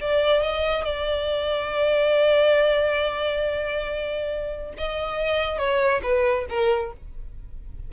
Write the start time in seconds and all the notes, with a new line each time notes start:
0.00 D5
0.42 D#5
0.84 D5
4.77 D#5
5.58 C#5
6.02 B4
6.49 A#4